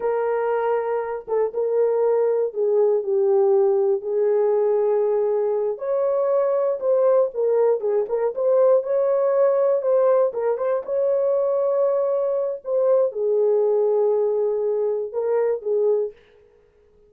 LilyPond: \new Staff \with { instrumentName = "horn" } { \time 4/4 \tempo 4 = 119 ais'2~ ais'8 a'8 ais'4~ | ais'4 gis'4 g'2 | gis'2.~ gis'8 cis''8~ | cis''4. c''4 ais'4 gis'8 |
ais'8 c''4 cis''2 c''8~ | c''8 ais'8 c''8 cis''2~ cis''8~ | cis''4 c''4 gis'2~ | gis'2 ais'4 gis'4 | }